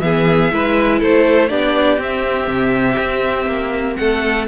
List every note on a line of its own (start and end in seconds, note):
0.00 0.50 E3
0.00 0.51 B3
0.00 0.53 G#4
0.00 1.00 E5
0.51 1.01 G#3
0.51 1.49 E4
0.51 0.99 B4
0.99 1.50 A3
0.99 1.48 A4
0.99 1.49 C5
1.49 1.98 B3
1.49 1.99 D4
1.49 3.97 G4
1.49 1.99 D5
1.98 2.47 C4
1.98 4.48 C4
1.98 3.96 E5
2.47 2.97 C3
2.98 3.46 C4
3.46 3.96 A#3
3.96 4.48 A3
3.96 4.48 A4
3.96 4.46 F#5